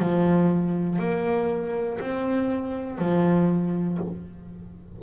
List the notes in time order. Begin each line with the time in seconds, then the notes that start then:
0.00 F3
0.99 A#3
2.00 C4
2.99 F3